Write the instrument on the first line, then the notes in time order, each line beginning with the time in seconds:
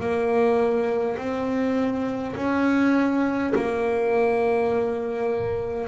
double bass
0.00 A#3
1.18 C4
2.36 C#4
3.56 A#3